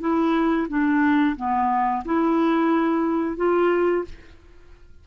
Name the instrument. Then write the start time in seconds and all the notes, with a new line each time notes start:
clarinet
0.00 E4
0.68 D4
1.36 B3
2.05 E4
3.37 F4